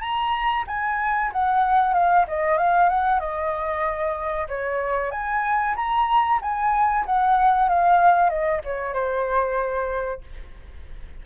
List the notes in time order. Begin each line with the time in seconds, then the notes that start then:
0.00 A#5
0.67 G#5
1.32 F#5
1.93 F5
2.27 D#5
2.57 F5
2.89 F#5
3.19 D#5
4.48 C#5
5.11 G#5
5.76 A#5
6.41 G#5
7.05 F#5
7.69 F5
8.29 D#5
8.64 C#5
8.93 C5